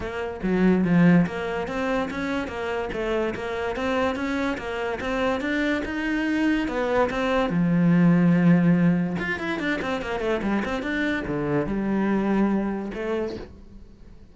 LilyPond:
\new Staff \with { instrumentName = "cello" } { \time 4/4 \tempo 4 = 144 ais4 fis4 f4 ais4 | c'4 cis'4 ais4 a4 | ais4 c'4 cis'4 ais4 | c'4 d'4 dis'2 |
b4 c'4 f2~ | f2 f'8 e'8 d'8 c'8 | ais8 a8 g8 c'8 d'4 d4 | g2. a4 | }